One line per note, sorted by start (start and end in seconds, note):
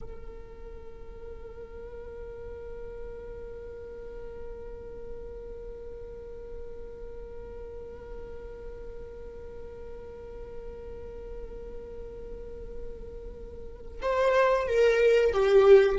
0.01 14.01 A#4
14.02 14.67 C5
14.67 15.32 A#4
15.32 15.98 G4